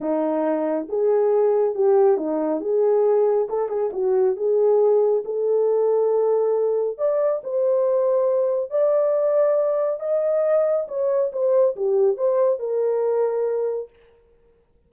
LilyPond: \new Staff \with { instrumentName = "horn" } { \time 4/4 \tempo 4 = 138 dis'2 gis'2 | g'4 dis'4 gis'2 | a'8 gis'8 fis'4 gis'2 | a'1 |
d''4 c''2. | d''2. dis''4~ | dis''4 cis''4 c''4 g'4 | c''4 ais'2. | }